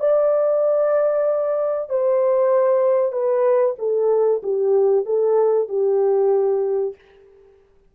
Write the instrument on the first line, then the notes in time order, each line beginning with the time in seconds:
horn
0.00 D5
1.90 C5
3.13 B4
3.79 A4
4.43 G4
5.06 A4
5.69 G4